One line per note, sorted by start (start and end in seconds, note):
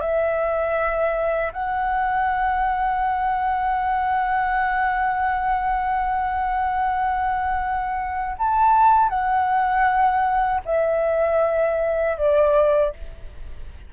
0.00 1.52 E5
1.53 8.36 F#5
8.38 9.09 A5
9.09 10.61 F#5
10.65 12.17 E5
12.17 12.93 D5